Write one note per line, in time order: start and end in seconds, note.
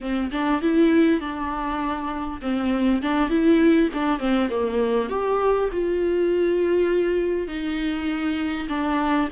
0.01 0.31 C4
0.31 0.61 D4
0.61 1.20 E4
1.20 2.40 D4
2.41 3.01 C4
3.02 3.29 D4
3.29 3.89 E4
3.93 4.19 D4
4.19 4.49 C4
4.50 5.09 A#3
5.09 5.69 G4
5.72 7.47 F4
7.47 8.67 D#4
8.68 9.28 D4